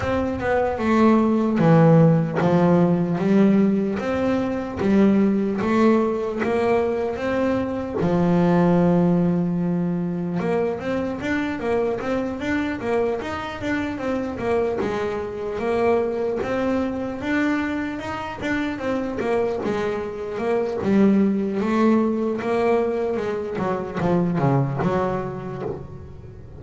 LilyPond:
\new Staff \with { instrumentName = "double bass" } { \time 4/4 \tempo 4 = 75 c'8 b8 a4 e4 f4 | g4 c'4 g4 a4 | ais4 c'4 f2~ | f4 ais8 c'8 d'8 ais8 c'8 d'8 |
ais8 dis'8 d'8 c'8 ais8 gis4 ais8~ | ais8 c'4 d'4 dis'8 d'8 c'8 | ais8 gis4 ais8 g4 a4 | ais4 gis8 fis8 f8 cis8 fis4 | }